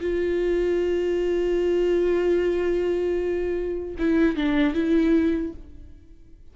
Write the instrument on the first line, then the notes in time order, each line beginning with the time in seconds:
viola
0.00 F4
3.98 E4
4.36 D4
4.74 E4